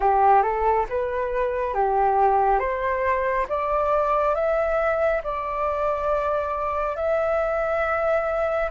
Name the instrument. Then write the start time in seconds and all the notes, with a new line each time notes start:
flute
0.00 G4
0.42 A4
0.89 B4
1.74 G4
2.59 C5
3.48 D5
4.34 E5
5.23 D5
6.96 E5